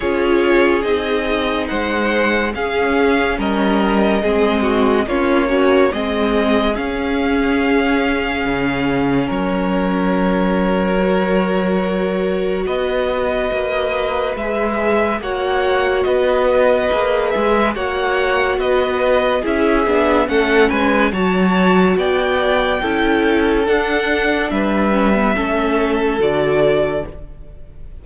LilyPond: <<
  \new Staff \with { instrumentName = "violin" } { \time 4/4 \tempo 4 = 71 cis''4 dis''4 fis''4 f''4 | dis''2 cis''4 dis''4 | f''2. cis''4~ | cis''2. dis''4~ |
dis''4 e''4 fis''4 dis''4~ | dis''8 e''8 fis''4 dis''4 e''4 | fis''8 gis''8 a''4 g''2 | fis''4 e''2 d''4 | }
  \new Staff \with { instrumentName = "violin" } { \time 4/4 gis'2 c''4 gis'4 | ais'4 gis'8 fis'8 f'8 cis'8 gis'4~ | gis'2. ais'4~ | ais'2. b'4~ |
b'2 cis''4 b'4~ | b'4 cis''4 b'4 gis'4 | a'8 b'8 cis''4 d''4 a'4~ | a'4 b'4 a'2 | }
  \new Staff \with { instrumentName = "viola" } { \time 4/4 f'4 dis'2 cis'4~ | cis'4 c'4 cis'8 fis'8 c'4 | cis'1~ | cis'4 fis'2.~ |
fis'4 gis'4 fis'2 | gis'4 fis'2 e'8 d'8 | cis'4 fis'2 e'4 | d'4. cis'16 b16 cis'4 fis'4 | }
  \new Staff \with { instrumentName = "cello" } { \time 4/4 cis'4 c'4 gis4 cis'4 | g4 gis4 ais4 gis4 | cis'2 cis4 fis4~ | fis2. b4 |
ais4 gis4 ais4 b4 | ais8 gis8 ais4 b4 cis'8 b8 | a8 gis8 fis4 b4 cis'4 | d'4 g4 a4 d4 | }
>>